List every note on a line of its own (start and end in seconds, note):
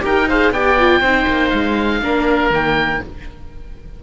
0.00 0.50 D#4
0.00 0.25 G4
0.00 0.28 A#4
0.00 0.28 G5
0.28 0.54 G#4
0.28 0.52 C5
0.28 0.52 F5
0.50 1.00 B3
0.50 0.79 G4
0.50 1.00 D5
0.50 1.50 G5
0.79 1.03 F4
1.00 1.25 C4
1.00 2.02 D#4
1.00 1.99 C5
1.27 1.52 A#3
1.50 2.01 G#3
1.50 2.49 F5
2.01 2.50 A#3
2.01 2.52 D4
2.01 3.03 A#4
2.50 2.99 D#3
2.50 3.01 A#3
2.50 3.03 G5